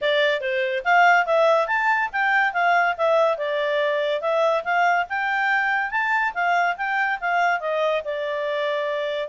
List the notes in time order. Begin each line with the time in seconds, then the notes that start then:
0.01 D5
0.40 C5
0.84 F5
1.26 E5
1.67 A5
2.12 G5
2.53 F5
2.97 E5
3.37 D5
4.21 E5
4.64 F5
5.09 G5
5.90 A5
6.34 F5
6.76 G5
7.20 F5
7.60 D#5
8.04 D5